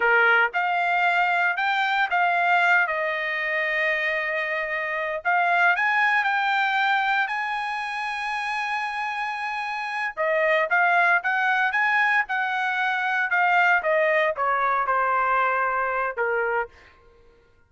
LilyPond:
\new Staff \with { instrumentName = "trumpet" } { \time 4/4 \tempo 4 = 115 ais'4 f''2 g''4 | f''4. dis''2~ dis''8~ | dis''2 f''4 gis''4 | g''2 gis''2~ |
gis''2.~ gis''8 dis''8~ | dis''8 f''4 fis''4 gis''4 fis''8~ | fis''4. f''4 dis''4 cis''8~ | cis''8 c''2~ c''8 ais'4 | }